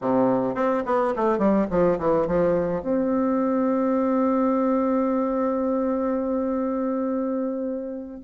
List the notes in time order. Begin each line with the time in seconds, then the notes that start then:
0.01 C3
0.55 C4
0.85 B3
1.16 A3
1.38 G3
1.70 F3
1.98 E3
2.27 F3
2.82 C4